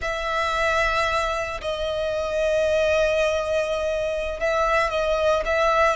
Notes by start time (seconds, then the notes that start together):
0.01 E5
1.61 D#5
4.40 E5
4.90 D#5
5.45 E5